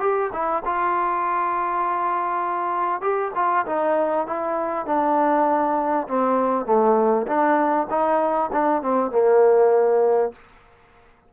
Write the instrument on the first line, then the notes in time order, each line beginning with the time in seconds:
trombone
0.00 G4
0.33 E4
0.65 F4
3.01 G4
3.35 F4
3.66 D#4
4.27 E4
4.86 D4
6.08 C4
6.66 A3
7.27 D4
7.90 D#4
8.52 D4
8.82 C4
9.11 A#3